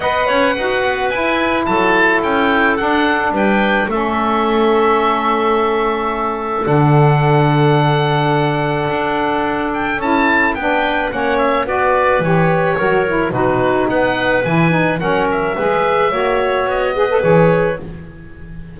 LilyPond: <<
  \new Staff \with { instrumentName = "oboe" } { \time 4/4 \tempo 4 = 108 fis''2 gis''4 a''4 | g''4 fis''4 g''4 e''4~ | e''1 | fis''1~ |
fis''4. g''8 a''4 g''4 | fis''8 e''8 d''4 cis''2 | b'4 fis''4 gis''4 fis''8 e''8~ | e''2 dis''4 cis''4 | }
  \new Staff \with { instrumentName = "clarinet" } { \time 4/4 dis''8 cis''8 b'2 a'4~ | a'2 b'4 a'4~ | a'1~ | a'1~ |
a'2. b'4 | cis''4 b'2 ais'4 | fis'4 b'2 ais'4 | b'4 cis''4. b'4. | }
  \new Staff \with { instrumentName = "saxophone" } { \time 4/4 b'4 fis'4 e'2~ | e'4 d'2 cis'4~ | cis'1 | d'1~ |
d'2 e'4 d'4 | cis'4 fis'4 g'4 fis'8 e'8 | dis'2 e'8 dis'8 cis'4 | gis'4 fis'4. gis'16 a'16 gis'4 | }
  \new Staff \with { instrumentName = "double bass" } { \time 4/4 b8 cis'8 dis'8 b8 e'4 fis4 | cis'4 d'4 g4 a4~ | a1 | d1 |
d'2 cis'4 b4 | ais4 b4 e4 fis4 | b,4 b4 e4 fis4 | gis4 ais4 b4 e4 | }
>>